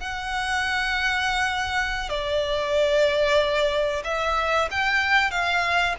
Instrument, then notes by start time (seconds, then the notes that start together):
violin
0.00 F#5
2.09 D5
4.04 E5
4.71 G5
5.31 F5